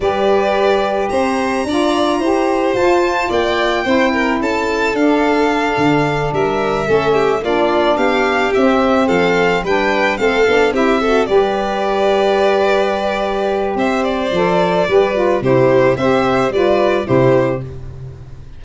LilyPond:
<<
  \new Staff \with { instrumentName = "violin" } { \time 4/4 \tempo 4 = 109 d''2 ais''2~ | ais''4 a''4 g''2 | a''4 f''2~ f''8 e''8~ | e''4. d''4 f''4 e''8~ |
e''8 f''4 g''4 f''4 e''8~ | e''8 d''2.~ d''8~ | d''4 e''8 d''2~ d''8 | c''4 e''4 d''4 c''4 | }
  \new Staff \with { instrumentName = "violin" } { \time 4/4 b'2 c''4 d''4 | c''2 d''4 c''8 ais'8 | a'2.~ a'8 ais'8~ | ais'8 a'8 g'8 f'4 g'4.~ |
g'8 a'4 b'4 a'4 g'8 | a'8 b'2.~ b'8~ | b'4 c''2 b'4 | g'4 c''4 b'4 g'4 | }
  \new Staff \with { instrumentName = "saxophone" } { \time 4/4 g'2. f'4 | g'4 f'2 e'4~ | e'4 d'2.~ | d'8 cis'4 d'2 c'8~ |
c'4. d'4 c'8 d'8 e'8 | fis'8 g'2.~ g'8~ | g'2 a'4 g'8 f'8 | e'4 g'4 f'4 e'4 | }
  \new Staff \with { instrumentName = "tuba" } { \time 4/4 g2 c'4 d'4 | e'4 f'4 ais4 c'4 | cis'4 d'4. d4 g8~ | g8 a4 ais4 b4 c'8~ |
c'8 f4 g4 a8 b8 c'8~ | c'8 g2.~ g8~ | g4 c'4 f4 g4 | c4 c'4 g4 c4 | }
>>